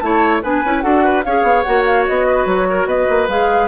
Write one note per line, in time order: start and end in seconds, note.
0.00 0.43 A3
0.00 0.43 E4
0.00 0.43 C#5
0.00 0.41 A5
0.43 0.64 B3
0.43 0.64 D4
0.43 0.84 B4
0.43 0.82 G#5
0.65 0.84 C#4
0.65 0.82 E4
0.82 1.25 D4
0.82 1.23 F#4
0.82 1.04 A4
0.82 1.22 F#5
1.04 1.25 B4
1.24 1.43 C#4
1.24 1.66 G#4
1.24 2.27 C#5
1.24 1.63 F5
1.43 1.63 B3
1.63 2.09 A#3
1.63 3.29 F#4
1.63 1.83 F#5
1.86 2.06 F5
2.07 2.46 B3
2.07 2.48 D#5
2.27 2.68 B4
2.46 2.86 F#3
2.46 2.88 C#5
2.70 2.88 A#4
2.86 3.07 B3
2.86 3.69 B4
2.86 3.29 D#5
3.10 3.29 A#3
3.29 3.69 G#3
3.29 3.69 G#4
3.29 3.69 F5